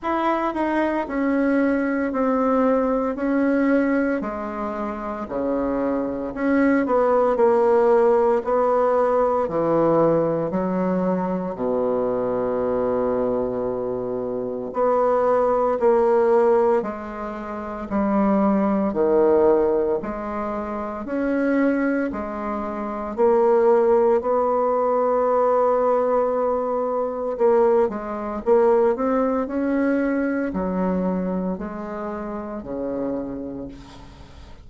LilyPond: \new Staff \with { instrumentName = "bassoon" } { \time 4/4 \tempo 4 = 57 e'8 dis'8 cis'4 c'4 cis'4 | gis4 cis4 cis'8 b8 ais4 | b4 e4 fis4 b,4~ | b,2 b4 ais4 |
gis4 g4 dis4 gis4 | cis'4 gis4 ais4 b4~ | b2 ais8 gis8 ais8 c'8 | cis'4 fis4 gis4 cis4 | }